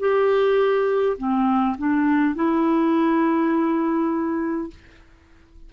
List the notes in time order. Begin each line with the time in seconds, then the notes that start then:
0.00 G4
1.18 C4
1.78 D4
2.35 E4